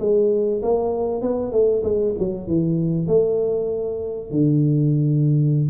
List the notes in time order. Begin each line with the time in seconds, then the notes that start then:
0.00 G#3
0.63 A#3
1.22 B3
1.52 A3
1.84 G#3
2.19 F#3
2.48 E3
3.08 A3
4.31 D3